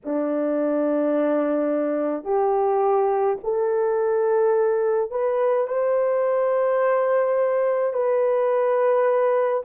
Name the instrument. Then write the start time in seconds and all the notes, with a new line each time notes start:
horn
0.04 D4
2.24 G4
3.43 A4
5.10 B4
5.67 C5
7.92 B4